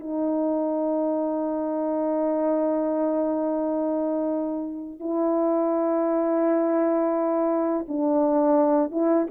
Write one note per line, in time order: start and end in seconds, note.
0.00 5.00 D#4
5.00 7.86 E4
7.88 8.91 D4
8.91 9.27 E4